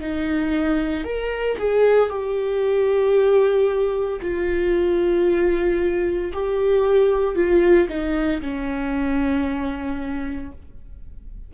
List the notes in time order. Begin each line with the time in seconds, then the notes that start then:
0.00 D#4
1.04 A#4
1.57 G#4
2.10 G4
4.22 F4
6.33 G4
7.35 F4
7.89 D#4
8.41 C#4